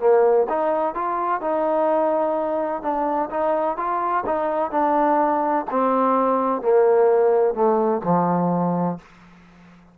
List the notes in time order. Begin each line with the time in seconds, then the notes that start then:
0.00 A#3
0.49 D#4
0.95 F4
1.42 D#4
2.83 D4
3.31 D#4
3.78 F4
4.26 D#4
4.71 D4
5.71 C4
6.62 A#3
7.55 A3
8.04 F3